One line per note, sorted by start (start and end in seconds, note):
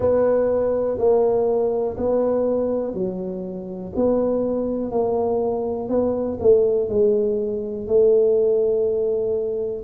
0.00 0.98 B3
0.98 1.96 A#3
1.97 2.93 B3
2.93 3.92 F#3
3.95 4.91 B3
4.91 5.88 A#3
5.88 6.38 B3
6.40 6.89 A3
6.89 7.87 G#3
7.87 9.84 A3